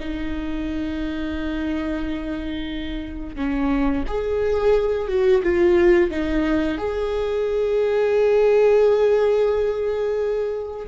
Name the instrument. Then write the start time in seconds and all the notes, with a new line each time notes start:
viola
0.00 D#4
3.36 C#4
4.08 G#4
5.08 F#4
5.43 F4
6.11 D#4
6.78 G#4